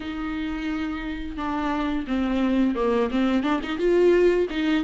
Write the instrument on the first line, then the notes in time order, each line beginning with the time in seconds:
viola
0.00 D#4
1.36 D4
2.07 C4
2.75 A#3
3.10 C4
3.43 D4
3.62 D#4
3.78 F4
4.50 D#4